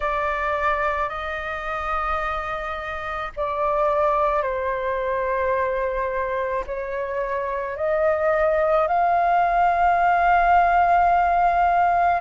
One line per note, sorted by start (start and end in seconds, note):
0.00 1.09 D5
1.09 3.31 D#5
3.36 4.42 D5
4.42 6.64 C5
6.66 7.76 C#5
7.76 8.87 D#5
8.87 12.20 F5